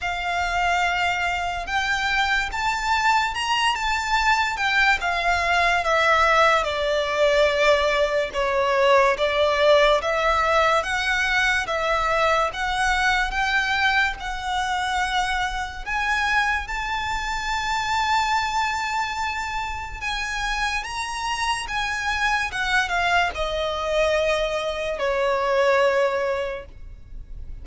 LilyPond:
\new Staff \with { instrumentName = "violin" } { \time 4/4 \tempo 4 = 72 f''2 g''4 a''4 | ais''8 a''4 g''8 f''4 e''4 | d''2 cis''4 d''4 | e''4 fis''4 e''4 fis''4 |
g''4 fis''2 gis''4 | a''1 | gis''4 ais''4 gis''4 fis''8 f''8 | dis''2 cis''2 | }